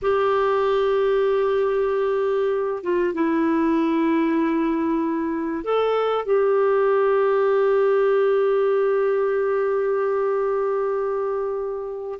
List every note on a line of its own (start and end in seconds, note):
0.01 2.83 G4
2.83 3.14 F4
3.14 5.64 E4
5.64 6.25 A4
6.25 12.19 G4